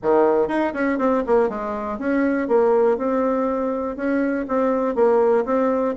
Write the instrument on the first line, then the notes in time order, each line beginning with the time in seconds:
bassoon
0.02 D#3
0.47 D#4
0.73 C#4
0.98 C4
1.26 A#3
1.49 G#3
1.98 C#4
2.47 A#3
2.97 C4
3.96 C#4
4.48 C4
4.95 A#3
5.45 C4